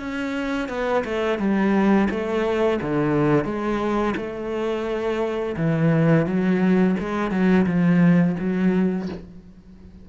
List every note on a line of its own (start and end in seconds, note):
0.00 0.69 C#4
0.69 1.04 B3
1.05 1.39 A3
1.39 2.09 G3
2.11 2.80 A3
2.82 3.45 D3
3.45 4.14 G#3
4.17 5.56 A3
5.57 6.26 E3
6.26 6.96 F#3
7.00 7.31 G#3
7.31 7.66 F#3
7.66 8.36 F3
8.39 9.09 F#3